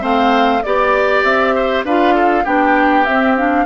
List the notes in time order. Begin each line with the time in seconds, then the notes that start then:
0.00 A3 C4 C5 F5
0.63 B3 G4 D5
1.24 C4 E5
1.55 C5
1.84 D4 F4 B4 F5
2.15 A4
2.44 B3 D4 G4 G5
3.05 C4 E5
3.37 D4 F5